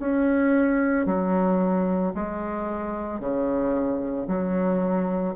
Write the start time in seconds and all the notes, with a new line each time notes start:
0.00 C#4
1.06 F#3
2.15 G#3
3.20 C#3
4.28 F#3